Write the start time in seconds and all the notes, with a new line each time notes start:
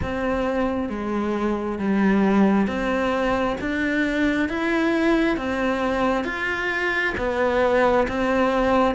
0.02 C4
0.89 G#3
1.79 G3
2.67 C4
3.60 D4
4.49 E4
5.36 C4
6.24 F4
7.17 B3
8.08 C4